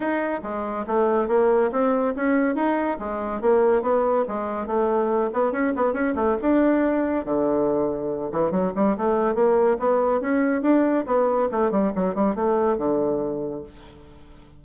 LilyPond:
\new Staff \with { instrumentName = "bassoon" } { \time 4/4 \tempo 4 = 141 dis'4 gis4 a4 ais4 | c'4 cis'4 dis'4 gis4 | ais4 b4 gis4 a4~ | a8 b8 cis'8 b8 cis'8 a8 d'4~ |
d'4 d2~ d8 e8 | fis8 g8 a4 ais4 b4 | cis'4 d'4 b4 a8 g8 | fis8 g8 a4 d2 | }